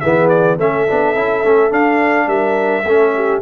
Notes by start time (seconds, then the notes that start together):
0.00 E3 B3 G#4 E5
0.29 D5
0.57 A3 C#4 A4 E5
0.88 B3 D4
1.15 C#4 E4
1.44 A3 C#4
1.70 D4 F5
2.27 G3 A#4 E5
2.84 A3 C#4 A4
3.15 G4